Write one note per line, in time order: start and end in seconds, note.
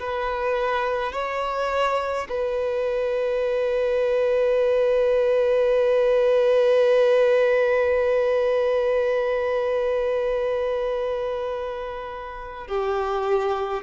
0.00 1.12 B4
1.12 2.28 C#5
2.29 12.68 B4
12.68 13.83 G4